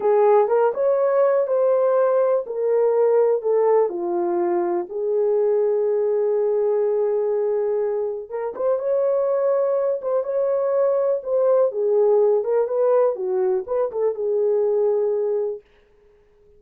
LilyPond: \new Staff \with { instrumentName = "horn" } { \time 4/4 \tempo 4 = 123 gis'4 ais'8 cis''4. c''4~ | c''4 ais'2 a'4 | f'2 gis'2~ | gis'1~ |
gis'4 ais'8 c''8 cis''2~ | cis''8 c''8 cis''2 c''4 | gis'4. ais'8 b'4 fis'4 | b'8 a'8 gis'2. | }